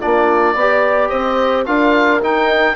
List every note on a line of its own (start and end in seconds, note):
0.00 0.55 A#3
0.00 0.56 D4
0.00 0.55 F4
0.00 1.10 D5
0.55 1.10 B3
0.55 1.66 G4
0.55 1.11 D5
1.10 1.68 C4
1.10 1.66 C5
1.10 1.65 D#5
1.66 2.23 D4
1.66 2.21 F4
1.66 2.77 A#4
1.66 2.21 F5
2.22 2.77 D#4
2.22 2.77 G5